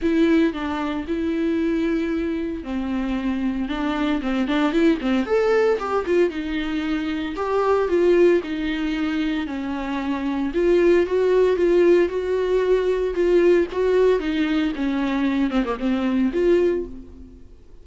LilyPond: \new Staff \with { instrumentName = "viola" } { \time 4/4 \tempo 4 = 114 e'4 d'4 e'2~ | e'4 c'2 d'4 | c'8 d'8 e'8 c'8 a'4 g'8 f'8 | dis'2 g'4 f'4 |
dis'2 cis'2 | f'4 fis'4 f'4 fis'4~ | fis'4 f'4 fis'4 dis'4 | cis'4. c'16 ais16 c'4 f'4 | }